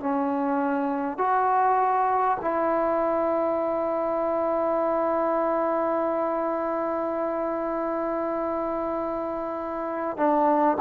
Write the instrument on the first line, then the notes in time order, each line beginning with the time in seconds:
trombone
0.00 C#4
1.18 F#4
2.41 E4
10.17 D4